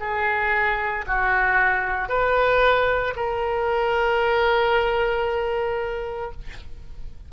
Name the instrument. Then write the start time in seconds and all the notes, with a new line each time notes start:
oboe
0.00 G#4
1.07 F#4
2.09 B4
3.16 A#4